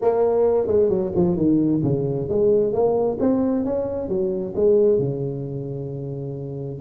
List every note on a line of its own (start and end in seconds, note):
0.01 0.67 A#3
0.67 0.89 G#3
0.89 1.12 F#3
1.15 1.36 F3
1.36 1.81 D#3
1.83 2.28 C#3
2.29 2.72 G#3
2.72 3.18 A#3
3.19 3.64 C4
3.64 4.08 C#4
4.08 4.53 F#3
4.55 4.99 G#3
4.99 6.80 C#3